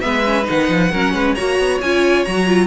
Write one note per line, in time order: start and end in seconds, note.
0.00 0.48 G#3
0.00 0.23 B3
0.00 0.91 B4
0.00 0.44 E5
0.25 0.44 C#4
0.44 0.69 D#3
0.44 0.88 D#4
0.44 1.34 F#5
0.69 0.91 F3
0.91 1.12 F#3
0.91 1.36 C#4
0.91 1.13 A#4
1.12 1.35 G#3
1.12 1.35 B4
1.34 1.59 A#3
1.34 1.81 F#4
1.34 2.67 C#5
1.34 1.78 A#5
1.59 1.81 B3
1.81 2.26 C#4
1.81 2.26 F4
1.81 2.24 G#5
2.24 2.67 F#3
2.24 2.46 F#4
2.24 2.67 A#5
2.46 2.67 F4